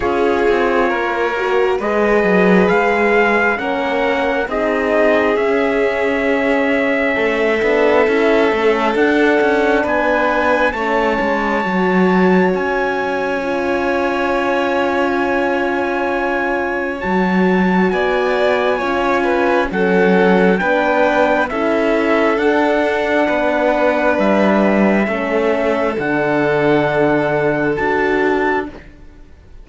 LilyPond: <<
  \new Staff \with { instrumentName = "trumpet" } { \time 4/4 \tempo 4 = 67 cis''2 dis''4 f''4 | fis''4 dis''4 e''2~ | e''2 fis''4 gis''4 | a''2 gis''2~ |
gis''2. a''4 | gis''2 fis''4 g''4 | e''4 fis''2 e''4~ | e''4 fis''2 a''4 | }
  \new Staff \with { instrumentName = "violin" } { \time 4/4 gis'4 ais'4 b'2 | ais'4 gis'2. | a'2. b'4 | cis''1~ |
cis''1 | d''4 cis''8 b'8 a'4 b'4 | a'2 b'2 | a'1 | }
  \new Staff \with { instrumentName = "horn" } { \time 4/4 f'4. fis'8 gis'2 | cis'4 dis'4 cis'2~ | cis'8 d'8 e'8 cis'8 d'2 | cis'4 fis'2 f'4~ |
f'2. fis'4~ | fis'4 f'4 cis'4 d'4 | e'4 d'2. | cis'4 d'2 fis'4 | }
  \new Staff \with { instrumentName = "cello" } { \time 4/4 cis'8 c'8 ais4 gis8 fis8 gis4 | ais4 c'4 cis'2 | a8 b8 cis'8 a8 d'8 cis'8 b4 | a8 gis8 fis4 cis'2~ |
cis'2. fis4 | b4 cis'4 fis4 b4 | cis'4 d'4 b4 g4 | a4 d2 d'4 | }
>>